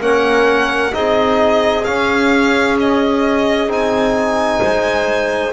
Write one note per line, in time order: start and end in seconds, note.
0.00 0.93 A#3
0.00 0.92 C#4
0.00 0.92 A#4
0.00 0.94 F#5
0.92 1.87 C4
0.92 1.84 D#4
0.92 4.60 G#4
0.92 1.84 D#5
1.84 3.68 C#4
1.84 2.77 F5
2.80 3.72 D#5
3.68 4.60 C4
3.68 5.52 D#4
3.68 5.53 G#5
4.60 5.53 G#3
4.60 5.53 C5